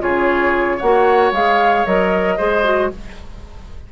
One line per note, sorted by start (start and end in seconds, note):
0.00 0.81 C#3
0.00 0.79 F4
0.00 0.77 G#4
0.00 0.80 C#5
0.77 1.32 A#3
0.77 2.35 C#5
0.77 1.33 F#5
0.84 1.34 F#4
1.32 1.85 G#3
1.32 1.87 G#4
1.32 1.86 F5
1.86 2.39 F#3
1.86 2.39 A#4
1.86 2.91 D#5
2.38 2.93 G#3
2.38 2.64 G#4
2.38 2.91 C5
2.64 2.91 F#4